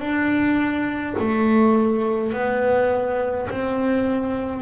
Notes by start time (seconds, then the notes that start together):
0.00 D4
1.19 A3
2.33 B3
3.50 C4